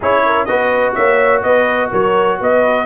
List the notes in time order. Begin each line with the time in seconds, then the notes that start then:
0.00 C#4 E4 G#4 C#5
0.25 A#4
0.45 B3 F#4 B4 D#5
0.94 A#3 C#5 E5
1.42 B3 B4 D#5
1.90 F#3 A#4 C#5
2.40 B3 B4 D#5